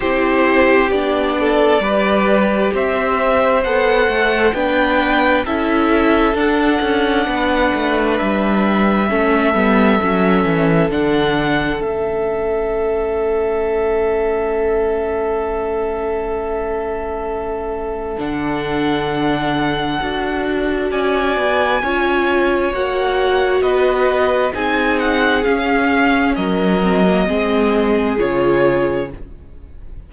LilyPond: <<
  \new Staff \with { instrumentName = "violin" } { \time 4/4 \tempo 4 = 66 c''4 d''2 e''4 | fis''4 g''4 e''4 fis''4~ | fis''4 e''2. | fis''4 e''2.~ |
e''1 | fis''2. gis''4~ | gis''4 fis''4 dis''4 gis''8 fis''8 | f''4 dis''2 cis''4 | }
  \new Staff \with { instrumentName = "violin" } { \time 4/4 g'4. a'8 b'4 c''4~ | c''4 b'4 a'2 | b'2 a'2~ | a'1~ |
a'1~ | a'2. d''4 | cis''2 b'4 gis'4~ | gis'4 ais'4 gis'2 | }
  \new Staff \with { instrumentName = "viola" } { \time 4/4 e'4 d'4 g'2 | a'4 d'4 e'4 d'4~ | d'2 cis'8 b8 cis'4 | d'4 cis'2.~ |
cis'1 | d'2 fis'2 | f'4 fis'2 dis'4 | cis'4. c'16 ais16 c'4 f'4 | }
  \new Staff \with { instrumentName = "cello" } { \time 4/4 c'4 b4 g4 c'4 | b8 a8 b4 cis'4 d'8 cis'8 | b8 a8 g4 a8 g8 fis8 e8 | d4 a2.~ |
a1 | d2 d'4 cis'8 b8 | cis'4 ais4 b4 c'4 | cis'4 fis4 gis4 cis4 | }
>>